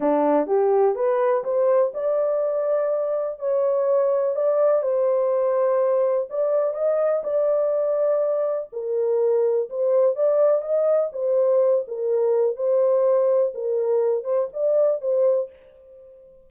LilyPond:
\new Staff \with { instrumentName = "horn" } { \time 4/4 \tempo 4 = 124 d'4 g'4 b'4 c''4 | d''2. cis''4~ | cis''4 d''4 c''2~ | c''4 d''4 dis''4 d''4~ |
d''2 ais'2 | c''4 d''4 dis''4 c''4~ | c''8 ais'4. c''2 | ais'4. c''8 d''4 c''4 | }